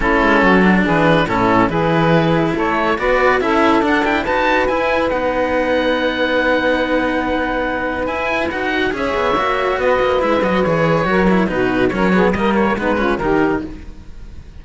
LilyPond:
<<
  \new Staff \with { instrumentName = "oboe" } { \time 4/4 \tempo 4 = 141 a'2 b'4 a'4 | b'2 cis''4 d''4 | e''4 fis''8 g''8 a''4 gis''4 | fis''1~ |
fis''2. gis''4 | fis''4 e''2 dis''4 | e''8 dis''8 cis''2 b'4 | cis''4 dis''8 cis''8 b'4 ais'4 | }
  \new Staff \with { instrumentName = "saxophone" } { \time 4/4 e'4 fis'4 gis'4 e'4 | gis'2 a'4 b'4 | a'2 b'2~ | b'1~ |
b'1~ | b'4 cis''2 b'4~ | b'2 ais'4 fis'4 | ais'8 gis'8 ais'4 dis'8 f'8 g'4 | }
  \new Staff \with { instrumentName = "cello" } { \time 4/4 cis'4. d'4. cis'4 | e'2. fis'4 | e'4 d'8 e'8 fis'4 e'4 | dis'1~ |
dis'2. e'4 | fis'4 gis'4 fis'2 | e'8 fis'8 gis'4 fis'8 e'8 dis'4 | cis'8 b8 ais4 b8 cis'8 dis'4 | }
  \new Staff \with { instrumentName = "cello" } { \time 4/4 a8 gis8 fis4 e4 a,4 | e2 a4 b4 | cis'4 d'4 dis'4 e'4 | b1~ |
b2. e'4 | dis'4 cis'8 b8 ais4 b8 ais8 | gis8 fis8 e4 fis4 b,4 | fis4 g4 gis4 dis4 | }
>>